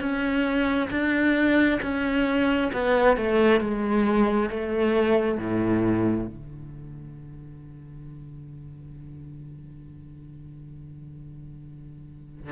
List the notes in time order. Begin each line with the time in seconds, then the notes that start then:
0.00 C#4
0.91 D4
1.82 C#4
2.73 B3
3.17 A3
3.61 G#3
4.50 A3
5.38 A2
6.27 D3